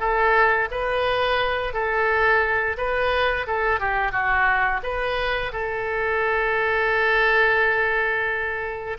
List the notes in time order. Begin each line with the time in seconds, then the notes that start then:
0.00 A4
0.71 B4
1.74 A4
2.78 B4
3.47 A4
3.80 G4
4.12 F#4
4.83 B4
5.53 A4